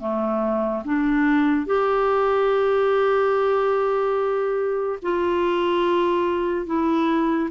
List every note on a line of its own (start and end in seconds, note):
0.00 0.83 A3
0.84 1.66 D4
1.66 4.99 G4
5.02 6.66 F4
6.66 7.49 E4